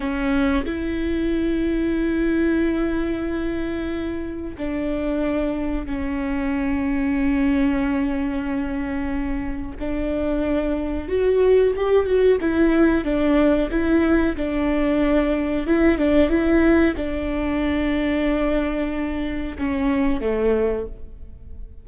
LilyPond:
\new Staff \with { instrumentName = "viola" } { \time 4/4 \tempo 4 = 92 cis'4 e'2.~ | e'2. d'4~ | d'4 cis'2.~ | cis'2. d'4~ |
d'4 fis'4 g'8 fis'8 e'4 | d'4 e'4 d'2 | e'8 d'8 e'4 d'2~ | d'2 cis'4 a4 | }